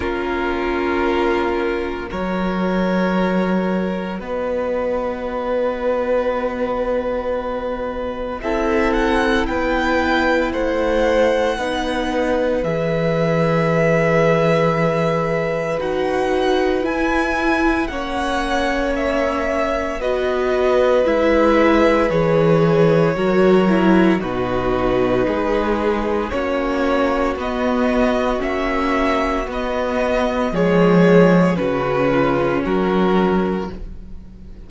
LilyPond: <<
  \new Staff \with { instrumentName = "violin" } { \time 4/4 \tempo 4 = 57 ais'2 cis''2 | dis''1 | e''8 fis''8 g''4 fis''2 | e''2. fis''4 |
gis''4 fis''4 e''4 dis''4 | e''4 cis''2 b'4~ | b'4 cis''4 dis''4 e''4 | dis''4 cis''4 b'4 ais'4 | }
  \new Staff \with { instrumentName = "violin" } { \time 4/4 f'2 ais'2 | b'1 | a'4 b'4 c''4 b'4~ | b'1~ |
b'4 cis''2 b'4~ | b'2 ais'4 fis'4 | gis'4 fis'2.~ | fis'4 gis'4 fis'8 f'8 fis'4 | }
  \new Staff \with { instrumentName = "viola" } { \time 4/4 cis'2 fis'2~ | fis'1 | e'2. dis'4 | gis'2. fis'4 |
e'4 cis'2 fis'4 | e'4 gis'4 fis'8 e'8 dis'4~ | dis'4 cis'4 b4 cis'4 | b4 gis4 cis'2 | }
  \new Staff \with { instrumentName = "cello" } { \time 4/4 ais2 fis2 | b1 | c'4 b4 a4 b4 | e2. dis'4 |
e'4 ais2 b4 | gis4 e4 fis4 b,4 | gis4 ais4 b4 ais4 | b4 f4 cis4 fis4 | }
>>